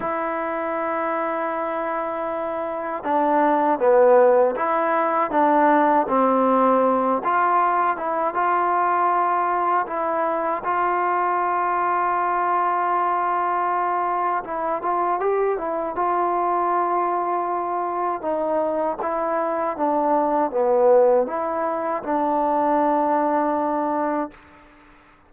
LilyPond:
\new Staff \with { instrumentName = "trombone" } { \time 4/4 \tempo 4 = 79 e'1 | d'4 b4 e'4 d'4 | c'4. f'4 e'8 f'4~ | f'4 e'4 f'2~ |
f'2. e'8 f'8 | g'8 e'8 f'2. | dis'4 e'4 d'4 b4 | e'4 d'2. | }